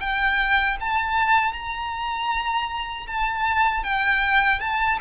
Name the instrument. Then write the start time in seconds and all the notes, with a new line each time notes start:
violin
0.00 G5
0.81 A5
1.53 A#5
3.07 A5
3.84 G5
4.60 A5